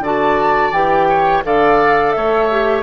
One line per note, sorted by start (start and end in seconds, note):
0.00 0.71 D3
0.00 0.73 F#4
0.00 1.08 D5
0.00 0.72 A5
0.72 1.42 E3
0.72 1.44 G4
0.72 1.43 G5
1.08 1.44 C#5
1.44 2.15 D3
1.44 2.50 A4
1.44 2.16 D5
1.44 2.12 F5
2.12 2.83 A3
2.12 2.83 C#5
2.12 2.82 E5
2.51 2.83 G4